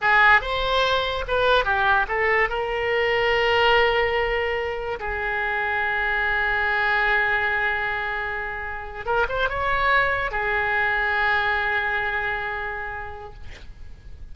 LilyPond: \new Staff \with { instrumentName = "oboe" } { \time 4/4 \tempo 4 = 144 gis'4 c''2 b'4 | g'4 a'4 ais'2~ | ais'1 | gis'1~ |
gis'1~ | gis'4.~ gis'16 ais'8 c''8 cis''4~ cis''16~ | cis''8. gis'2.~ gis'16~ | gis'1 | }